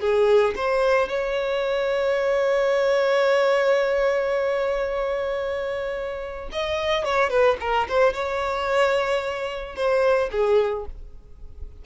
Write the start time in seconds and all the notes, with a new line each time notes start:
0.00 G#4
0.56 C5
1.08 C#5
6.52 D#5
7.04 C#5
7.30 B4
7.60 A#4
7.88 C5
8.13 C#5
9.75 C5
10.31 G#4